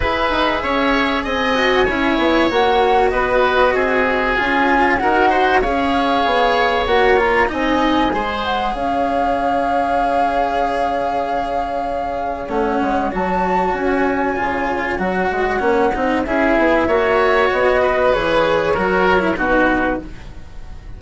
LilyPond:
<<
  \new Staff \with { instrumentName = "flute" } { \time 4/4 \tempo 4 = 96 e''2 gis''2 | fis''4 dis''2 gis''4 | fis''4 f''2 fis''8 ais''8 | gis''4. fis''8 f''2~ |
f''1 | fis''4 a''4 gis''2 | fis''2 e''2 | dis''4 cis''2 b'4 | }
  \new Staff \with { instrumentName = "oboe" } { \time 4/4 b'4 cis''4 dis''4 cis''4~ | cis''4 b'4 gis'2 | ais'8 c''8 cis''2. | dis''4 c''4 cis''2~ |
cis''1~ | cis''1~ | cis''2 gis'4 cis''4~ | cis''8 b'4. ais'4 fis'4 | }
  \new Staff \with { instrumentName = "cello" } { \time 4/4 gis'2~ gis'8 fis'8 e'4 | fis'2. f'4 | fis'4 gis'2 fis'8 f'8 | dis'4 gis'2.~ |
gis'1 | cis'4 fis'2 f'4 | fis'4 cis'8 dis'8 e'4 fis'4~ | fis'4 gis'4 fis'8. e'16 dis'4 | }
  \new Staff \with { instrumentName = "bassoon" } { \time 4/4 e'8 dis'8 cis'4 c'4 cis'8 b8 | ais4 b4 c'4 cis'4 | dis'4 cis'4 b4 ais4 | c'4 gis4 cis'2~ |
cis'1 | a8 gis8 fis4 cis'4 cis4 | fis8 gis8 ais8 c'8 cis'8 b8 ais4 | b4 e4 fis4 b,4 | }
>>